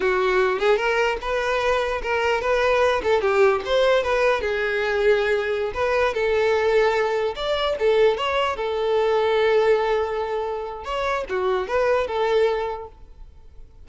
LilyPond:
\new Staff \with { instrumentName = "violin" } { \time 4/4 \tempo 4 = 149 fis'4. gis'8 ais'4 b'4~ | b'4 ais'4 b'4. a'8 | g'4 c''4 b'4 gis'4~ | gis'2~ gis'16 b'4 a'8.~ |
a'2~ a'16 d''4 a'8.~ | a'16 cis''4 a'2~ a'8.~ | a'2. cis''4 | fis'4 b'4 a'2 | }